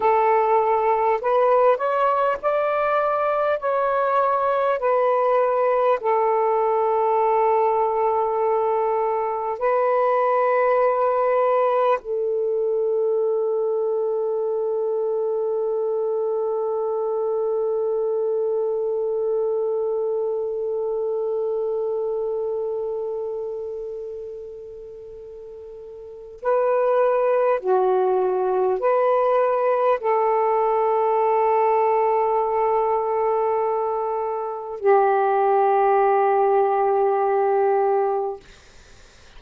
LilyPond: \new Staff \with { instrumentName = "saxophone" } { \time 4/4 \tempo 4 = 50 a'4 b'8 cis''8 d''4 cis''4 | b'4 a'2. | b'2 a'2~ | a'1~ |
a'1~ | a'2 b'4 fis'4 | b'4 a'2.~ | a'4 g'2. | }